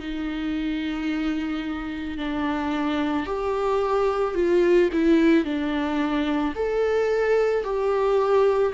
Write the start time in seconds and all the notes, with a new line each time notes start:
0.00 D#4
2.18 D4
3.26 G4
4.34 F4
4.92 E4
5.44 D4
6.55 A4
7.64 G4